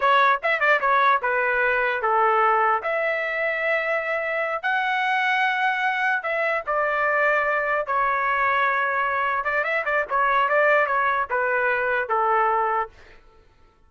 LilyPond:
\new Staff \with { instrumentName = "trumpet" } { \time 4/4 \tempo 4 = 149 cis''4 e''8 d''8 cis''4 b'4~ | b'4 a'2 e''4~ | e''2.~ e''8 fis''8~ | fis''2.~ fis''8 e''8~ |
e''8 d''2. cis''8~ | cis''2.~ cis''8 d''8 | e''8 d''8 cis''4 d''4 cis''4 | b'2 a'2 | }